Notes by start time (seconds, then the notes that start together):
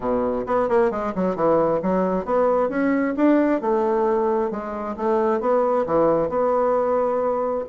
0.00 B2
0.46 B3
0.68 A#3
0.90 G#3
1.15 F#3
1.35 E3
1.82 F#3
2.25 B3
2.69 C#4
3.16 D4
3.61 A3
4.50 G#3
4.96 A3
5.40 B3
5.86 E3
6.29 B3